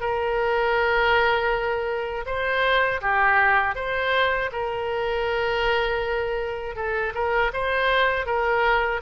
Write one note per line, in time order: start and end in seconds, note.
0.00 2.25 A#4
2.26 3.01 C5
3.01 3.75 G4
3.75 4.50 C5
4.52 6.75 A#4
6.75 7.13 A4
7.14 7.51 A#4
7.53 8.26 C5
8.26 9.01 A#4